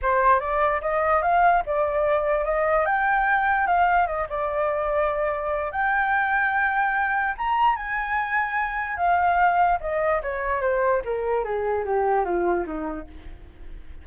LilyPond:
\new Staff \with { instrumentName = "flute" } { \time 4/4 \tempo 4 = 147 c''4 d''4 dis''4 f''4 | d''2 dis''4 g''4~ | g''4 f''4 dis''8 d''4.~ | d''2 g''2~ |
g''2 ais''4 gis''4~ | gis''2 f''2 | dis''4 cis''4 c''4 ais'4 | gis'4 g'4 f'4 dis'4 | }